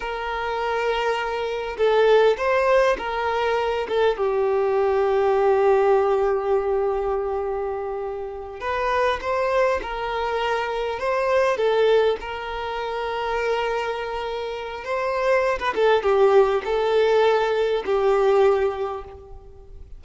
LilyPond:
\new Staff \with { instrumentName = "violin" } { \time 4/4 \tempo 4 = 101 ais'2. a'4 | c''4 ais'4. a'8 g'4~ | g'1~ | g'2~ g'8 b'4 c''8~ |
c''8 ais'2 c''4 a'8~ | a'8 ais'2.~ ais'8~ | ais'4 c''4~ c''16 b'16 a'8 g'4 | a'2 g'2 | }